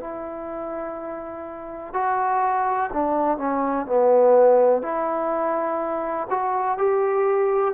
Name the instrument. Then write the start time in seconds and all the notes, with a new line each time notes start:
trombone
0.00 E4
1.93 F#4
2.93 D4
3.37 C#4
3.86 B3
4.82 E4
6.29 F#4
6.77 G4